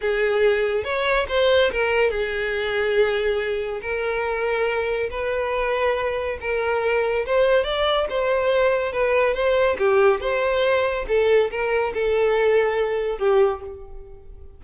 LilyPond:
\new Staff \with { instrumentName = "violin" } { \time 4/4 \tempo 4 = 141 gis'2 cis''4 c''4 | ais'4 gis'2.~ | gis'4 ais'2. | b'2. ais'4~ |
ais'4 c''4 d''4 c''4~ | c''4 b'4 c''4 g'4 | c''2 a'4 ais'4 | a'2. g'4 | }